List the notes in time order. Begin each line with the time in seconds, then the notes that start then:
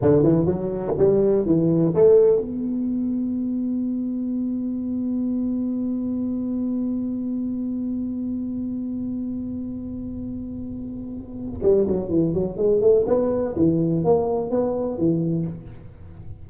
0.01 D3
0.23 E3
0.45 F#3
0.98 G3
1.45 E3
1.94 A3
2.40 B3
11.62 G3
11.87 F#3
12.09 E3
12.33 F#3
12.57 G#3
12.80 A3
13.06 B3
13.56 E3
14.03 A#3
14.50 B3
14.98 E3